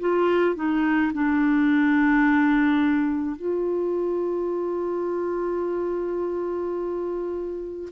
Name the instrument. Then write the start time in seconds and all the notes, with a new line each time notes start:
clarinet
0.00 F4
0.56 D#4
1.14 D4
3.36 F4